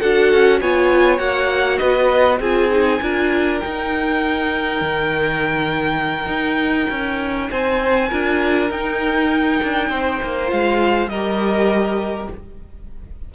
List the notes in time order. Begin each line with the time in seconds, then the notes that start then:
0.00 D4 F#4 A4 F#5
0.32 C#4
0.60 B3 F4 C#5 G#5
1.18 A#3 F#4 F#5
1.77 B3 B4 D#5
2.40 C4 F4 G#4 G#5
2.70 D#4
3.02 D4 F4 A#4
3.59 D#4 G5
4.81 D#3
6.26 D#4
6.90 C#4
7.50 C4 C5 G#5
8.09 D4 F4 A#4
8.70 D#4 G5
9.63 D4
9.89 C4 C5
10.23 A#3
10.46 G#3 F4 F5
11.08 G3 A#4 D#5
11.14 G4